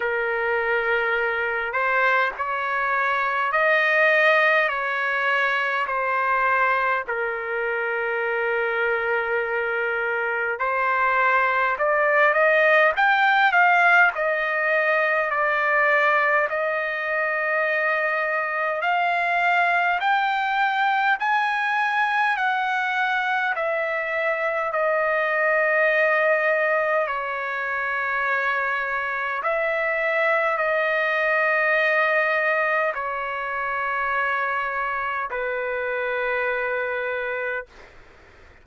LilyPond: \new Staff \with { instrumentName = "trumpet" } { \time 4/4 \tempo 4 = 51 ais'4. c''8 cis''4 dis''4 | cis''4 c''4 ais'2~ | ais'4 c''4 d''8 dis''8 g''8 f''8 | dis''4 d''4 dis''2 |
f''4 g''4 gis''4 fis''4 | e''4 dis''2 cis''4~ | cis''4 e''4 dis''2 | cis''2 b'2 | }